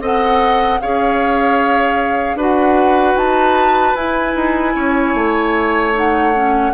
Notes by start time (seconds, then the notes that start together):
0.00 C4 A4 D#5 F#5
0.80 C#4 G#4 C#5 F5
2.35 D4 F#4 B4 F#5
3.15 D#4 A5
3.95 E4 G#5
4.35 D#4
4.75 C#4 C#5
5.14 A3
5.93 D#4 F#5
6.34 C#4